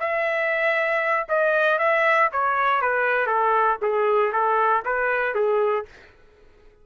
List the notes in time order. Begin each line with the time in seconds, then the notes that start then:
0.00 E5
1.29 D#5
1.79 E5
2.33 C#5
2.82 B4
3.27 A4
3.82 G#4
4.33 A4
4.85 B4
5.35 G#4